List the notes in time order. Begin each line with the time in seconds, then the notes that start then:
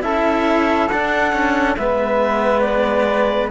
0.00 C#4 E4 A4 E5
0.88 D4 F#5
1.33 C#4
1.76 G#3 B3 B4 E5
2.61 D5